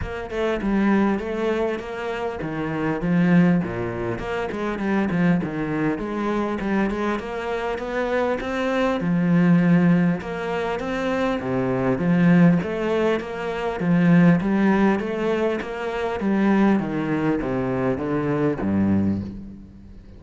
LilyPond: \new Staff \with { instrumentName = "cello" } { \time 4/4 \tempo 4 = 100 ais8 a8 g4 a4 ais4 | dis4 f4 ais,4 ais8 gis8 | g8 f8 dis4 gis4 g8 gis8 | ais4 b4 c'4 f4~ |
f4 ais4 c'4 c4 | f4 a4 ais4 f4 | g4 a4 ais4 g4 | dis4 c4 d4 g,4 | }